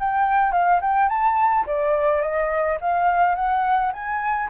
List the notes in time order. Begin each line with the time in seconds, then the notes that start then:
0.00 G5
0.52 F5
0.82 G5
1.09 A5
1.67 D5
2.22 D#5
2.81 F5
3.36 F#5
3.93 G#5